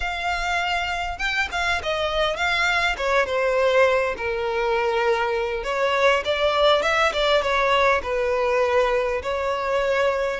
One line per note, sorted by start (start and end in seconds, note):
0.00 1.18 F5
1.18 1.48 G5
1.51 1.81 F5
1.82 2.36 D#5
2.36 2.95 F5
2.97 3.26 C#5
3.26 4.15 C5
4.17 5.63 A#4
5.63 6.23 C#5
6.25 6.82 D5
6.82 7.12 E5
7.12 7.41 D5
7.41 8.01 C#5
8.03 9.21 B4
9.22 10.40 C#5